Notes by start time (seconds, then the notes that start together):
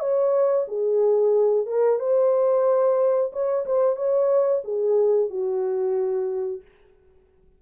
0.00 C#5
0.68 G#4
1.67 A#4
2.00 C5
3.33 C#5
3.66 C5
3.96 C#5
4.65 G#4
5.30 F#4